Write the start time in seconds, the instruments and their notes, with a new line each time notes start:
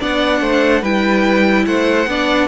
0.00 cello B3, viola D4, violin D5 F#5
0.41 cello A3, violin C5
0.82 cello G3, viola E4, violin B4 G5
1.66 cello A3, violin C5 F#5
2.07 cello B3, viola D4, violin D5